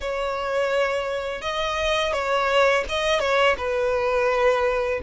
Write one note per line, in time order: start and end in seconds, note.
0.00 1.41 C#5
1.41 2.12 D#5
2.12 2.84 C#5
2.89 3.19 D#5
3.19 3.55 C#5
3.57 5.00 B4